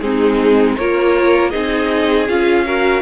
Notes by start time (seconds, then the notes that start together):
0.00 G#3 C4 D#4 G#4
0.76 A#3 F4 A#4 C#5
1.50 C4 D#4 G#4 D#5
2.28 C#4 F4 F5
2.66 F#4 A#4